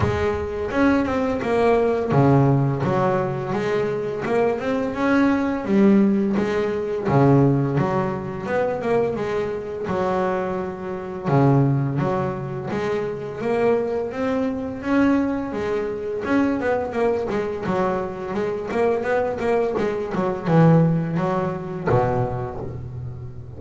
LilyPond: \new Staff \with { instrumentName = "double bass" } { \time 4/4 \tempo 4 = 85 gis4 cis'8 c'8 ais4 cis4 | fis4 gis4 ais8 c'8 cis'4 | g4 gis4 cis4 fis4 | b8 ais8 gis4 fis2 |
cis4 fis4 gis4 ais4 | c'4 cis'4 gis4 cis'8 b8 | ais8 gis8 fis4 gis8 ais8 b8 ais8 | gis8 fis8 e4 fis4 b,4 | }